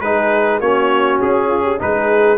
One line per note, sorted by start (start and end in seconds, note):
0.00 0.60 G#3
0.00 0.62 D#4
0.00 0.60 G#4
0.00 0.59 B4
0.60 1.19 A#3
0.60 1.78 C#4
0.60 1.48 F#4
0.60 1.19 C#5
1.21 1.81 C#4
1.21 1.80 G#4
1.48 1.62 F4
1.63 1.78 G4
1.78 2.38 G#3
1.78 2.37 D#4
1.78 2.38 G#4
1.78 2.38 B4